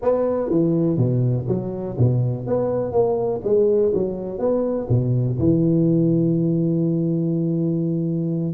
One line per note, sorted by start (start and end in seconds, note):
0.01 0.49 B3
0.49 0.97 E3
0.97 1.46 B2
1.48 1.96 F#3
1.98 2.46 B2
2.46 2.92 B3
2.92 3.41 A#3
3.44 3.93 G#3
3.94 4.38 F#3
4.38 4.87 B3
4.89 5.37 B2
5.38 8.53 E3